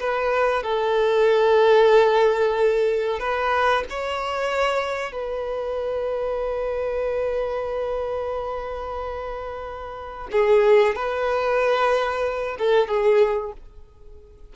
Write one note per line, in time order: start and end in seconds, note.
0.00 0.64 B4
0.64 3.20 A4
3.20 3.84 B4
3.90 5.12 C#5
5.12 10.28 B4
10.32 10.96 G#4
10.96 12.57 B4
12.59 12.88 A4
12.88 13.53 G#4